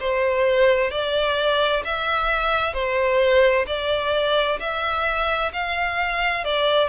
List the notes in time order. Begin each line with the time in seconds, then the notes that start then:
0.00 C5
0.91 D5
1.85 E5
2.74 C5
3.67 D5
4.60 E5
5.53 F5
6.44 D5